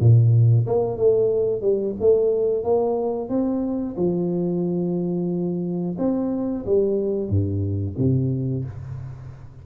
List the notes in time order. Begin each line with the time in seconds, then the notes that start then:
0.00 A#2
0.67 A#3
0.97 A3
1.62 G3
2.00 A3
2.64 A#3
3.29 C4
3.97 F3
5.98 C4
6.66 G3
7.29 G2
7.98 C3